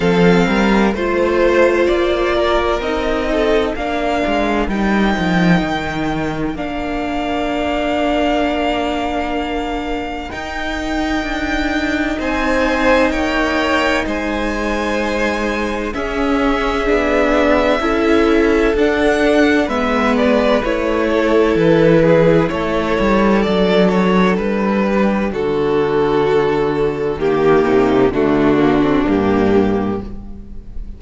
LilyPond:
<<
  \new Staff \with { instrumentName = "violin" } { \time 4/4 \tempo 4 = 64 f''4 c''4 d''4 dis''4 | f''4 g''2 f''4~ | f''2. g''4~ | g''4 gis''4 g''4 gis''4~ |
gis''4 e''2. | fis''4 e''8 d''8 cis''4 b'4 | cis''4 d''8 cis''8 b'4 a'4~ | a'4 g'4 fis'4 g'4 | }
  \new Staff \with { instrumentName = "violin" } { \time 4/4 a'8 ais'8 c''4. ais'4 a'8 | ais'1~ | ais'1~ | ais'4 c''4 cis''4 c''4~ |
c''4 gis'2 a'4~ | a'4 b'4. a'4 gis'8 | a'2~ a'8 g'8 fis'4~ | fis'4 g'8 dis'8 d'2 | }
  \new Staff \with { instrumentName = "viola" } { \time 4/4 c'4 f'2 dis'4 | d'4 dis'2 d'4~ | d'2. dis'4~ | dis'1~ |
dis'4 cis'4 d'4 e'4 | d'4 b4 e'2~ | e'4 d'2.~ | d'4 ais4 a8 ais16 c'16 ais4 | }
  \new Staff \with { instrumentName = "cello" } { \time 4/4 f8 g8 a4 ais4 c'4 | ais8 gis8 g8 f8 dis4 ais4~ | ais2. dis'4 | d'4 c'4 ais4 gis4~ |
gis4 cis'4 b4 cis'4 | d'4 gis4 a4 e4 | a8 g8 fis4 g4 d4~ | d4 dis8 c8 d4 g,4 | }
>>